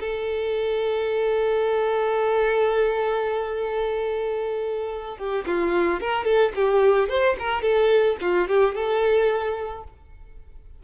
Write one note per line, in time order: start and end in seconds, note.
0.00 5.18 A4
5.18 5.45 G4
5.46 6.00 F4
6.00 6.25 A#4
6.25 6.52 A4
6.55 7.09 G4
7.09 7.36 C5
7.39 7.62 A#4
7.62 8.17 A4
8.21 8.48 F4
8.48 8.75 G4
8.75 9.84 A4